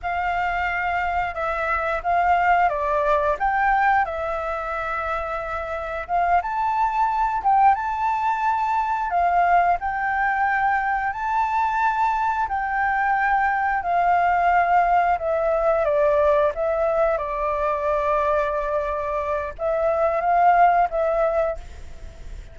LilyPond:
\new Staff \with { instrumentName = "flute" } { \time 4/4 \tempo 4 = 89 f''2 e''4 f''4 | d''4 g''4 e''2~ | e''4 f''8 a''4. g''8 a''8~ | a''4. f''4 g''4.~ |
g''8 a''2 g''4.~ | g''8 f''2 e''4 d''8~ | d''8 e''4 d''2~ d''8~ | d''4 e''4 f''4 e''4 | }